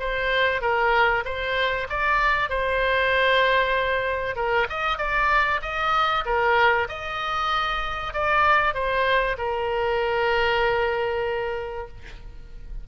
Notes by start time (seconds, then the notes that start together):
0.00 C5
0.61 A#4
1.25 C5
1.89 D5
2.49 C5
4.36 A#4
4.70 D#5
4.98 D5
5.62 D#5
6.25 A#4
6.89 D#5
8.14 D5
8.74 C5
9.38 A#4